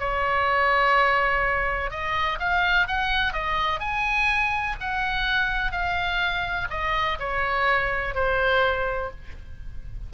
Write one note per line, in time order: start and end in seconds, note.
0.00 1.91 C#5
1.91 2.39 D#5
2.40 2.88 F5
2.88 3.33 F#5
3.33 3.80 D#5
3.80 4.76 G#5
4.80 5.72 F#5
5.72 6.68 F5
6.71 7.19 D#5
7.20 8.15 C#5
8.15 9.11 C5